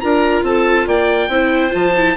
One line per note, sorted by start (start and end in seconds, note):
0.00 0.43 D4
0.00 1.29 F4
0.00 0.46 A#4
0.00 0.43 A#5
0.43 0.86 C4
0.43 0.87 A4
0.43 0.88 A5
0.87 1.28 A#3
0.87 1.30 D5
0.87 1.74 G5
1.28 1.71 C4
1.28 1.70 E4
1.28 2.17 C5
1.70 2.17 F3
1.70 1.92 F4
1.70 2.17 A5
1.96 2.17 E4